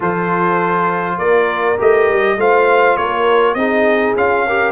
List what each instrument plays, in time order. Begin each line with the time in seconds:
0.00 tuba F3, trombone F4, horn A4, trumpet C5
1.17 tuba A#3, horn A#4, trumpet D5
1.78 tuba A3, trombone G4, trumpet D#5
2.09 tuba G3
2.37 tuba A3, trombone F4, horn C5, trumpet F5
2.97 tuba A#3, horn A#4, trumpet C#5
3.54 tuba C4, trombone D#4, horn G#4, trumpet D#5
4.16 tuba C#4, trombone F4, trumpet F5
4.46 trombone G4, horn A#4